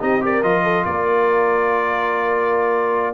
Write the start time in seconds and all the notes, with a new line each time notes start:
0.00 C4 D#4 G4 D#5
0.21 G4 A#4 D5
0.43 F3 F4 D#5
0.64 A4
0.85 A#3 A#4 D5